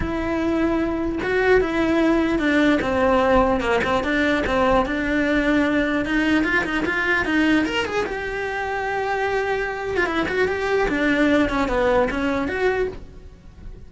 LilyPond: \new Staff \with { instrumentName = "cello" } { \time 4/4 \tempo 4 = 149 e'2. fis'4 | e'2 d'4 c'4~ | c'4 ais8 c'8 d'4 c'4 | d'2. dis'4 |
f'8 dis'8 f'4 dis'4 ais'8 gis'8 | g'1~ | g'8. f'16 e'8 fis'8 g'4 d'4~ | d'8 cis'8 b4 cis'4 fis'4 | }